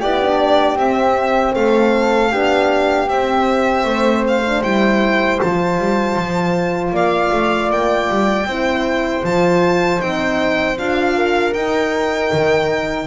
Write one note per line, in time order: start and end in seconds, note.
0.00 0.76 B3
0.00 0.22 E4
0.00 1.54 G4
0.00 0.78 D5
0.22 0.78 D4
0.76 1.53 C4
0.76 2.32 C4
0.76 1.55 E5
1.55 2.32 A3
1.55 2.32 A4
1.55 3.09 F5
2.32 3.08 B3
2.32 3.08 D4
2.32 3.86 G4
3.08 3.84 C4
3.08 4.46 C4
3.08 4.25 E5
3.84 4.61 A3
3.84 6.93 C5
4.28 4.63 F5
4.46 4.63 D4
4.63 5.40 G3
4.63 5.40 E4
4.63 5.40 G5
5.40 5.78 F3
5.40 8.48 F4
5.40 6.96 A5
5.78 6.17 G3
6.17 6.92 F3
6.92 7.31 A#3
6.92 8.47 D5
6.92 7.72 F5
7.33 7.70 A3
7.70 8.09 A#3
7.70 9.25 G5
8.09 8.46 G3
8.46 9.23 C4
8.46 9.24 E4
8.46 11.17 C5
9.24 10.01 F3
9.24 10.00 F4
9.24 10.01 A5
10.00 10.79 C4
10.00 10.77 D#4
10.00 10.78 G5
10.78 11.54 D4
10.78 11.55 F4
10.78 11.54 F5
11.17 13.08 A#4
11.54 12.31 D#4
11.54 13.08 D#4
11.54 13.08 G5
12.33 13.08 D#3